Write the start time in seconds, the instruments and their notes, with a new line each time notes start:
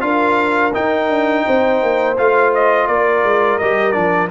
0.00 tuba D4, trombone F4, horn A#4, trumpet F5
0.73 trombone D#4, tuba D#4, trumpet G5
1.09 tuba D4
1.46 tuba C4, horn C5
1.82 tuba A#3
2.17 tuba A3, trombone F4, trumpet F5
2.54 trumpet D#5
2.87 tuba A#3, horn A#4, trumpet D5
3.24 tuba G#3
3.58 tuba G3, trombone G4, trumpet D#5
3.92 tuba F3, trombone D4, trumpet D5